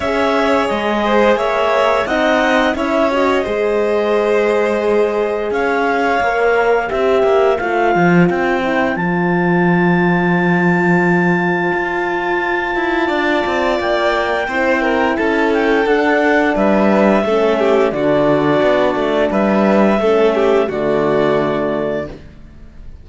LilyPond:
<<
  \new Staff \with { instrumentName = "clarinet" } { \time 4/4 \tempo 4 = 87 e''4 dis''4 e''4 fis''4 | e''8 dis''2.~ dis''8 | f''2 e''4 f''4 | g''4 a''2.~ |
a''1 | g''2 a''8 g''8 fis''4 | e''2 d''2 | e''2 d''2 | }
  \new Staff \with { instrumentName = "violin" } { \time 4/4 cis''4. c''8 cis''4 dis''4 | cis''4 c''2. | cis''2 c''2~ | c''1~ |
c''2. d''4~ | d''4 c''8 ais'8 a'2 | b'4 a'8 g'8 fis'2 | b'4 a'8 g'8 fis'2 | }
  \new Staff \with { instrumentName = "horn" } { \time 4/4 gis'2. dis'4 | e'8 fis'8 gis'2.~ | gis'4 ais'4 g'4 f'4~ | f'8 e'8 f'2.~ |
f'1~ | f'4 e'2 d'4~ | d'4 cis'4 d'2~ | d'4 cis'4 a2 | }
  \new Staff \with { instrumentName = "cello" } { \time 4/4 cis'4 gis4 ais4 c'4 | cis'4 gis2. | cis'4 ais4 c'8 ais8 a8 f8 | c'4 f2.~ |
f4 f'4. e'8 d'8 c'8 | ais4 c'4 cis'4 d'4 | g4 a4 d4 b8 a8 | g4 a4 d2 | }
>>